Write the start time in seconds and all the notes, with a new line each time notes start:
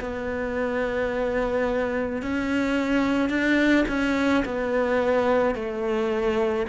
0.00 B3
2.22 C#4
3.29 D4
3.88 C#4
4.44 B3
5.55 A3